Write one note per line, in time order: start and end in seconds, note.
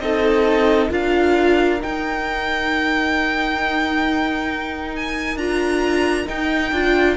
0.00 0.90 C4
0.00 0.91 D#4
0.00 0.90 A4
0.00 0.90 D#5
0.90 1.80 D4
0.90 1.80 F4
0.90 7.17 A#4
0.90 1.82 F5
1.81 5.39 D#4
1.81 5.36 D#4
1.81 4.96 G5
4.96 5.38 G#5
5.36 6.26 D4
5.36 6.26 F4
5.36 6.27 A#5
6.26 6.71 D#4
6.26 6.72 D#4
6.26 7.17 G5
6.72 7.17 D4
6.72 7.17 F4